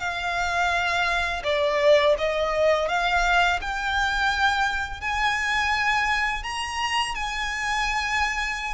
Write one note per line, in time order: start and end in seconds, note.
0.00 1.43 F5
1.44 2.15 D5
2.18 2.89 D#5
2.89 3.60 F5
3.61 5.01 G5
5.01 6.44 G#5
6.44 7.15 A#5
7.15 8.74 G#5